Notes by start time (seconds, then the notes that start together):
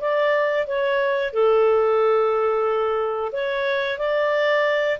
0.00 D5
0.67 C#5
1.33 A4
3.32 C#5
3.98 D5